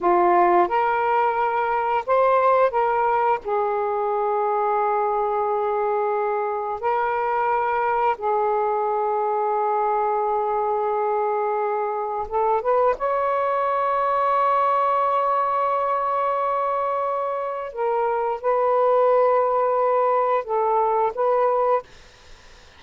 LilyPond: \new Staff \with { instrumentName = "saxophone" } { \time 4/4 \tempo 4 = 88 f'4 ais'2 c''4 | ais'4 gis'2.~ | gis'2 ais'2 | gis'1~ |
gis'2 a'8 b'8 cis''4~ | cis''1~ | cis''2 ais'4 b'4~ | b'2 a'4 b'4 | }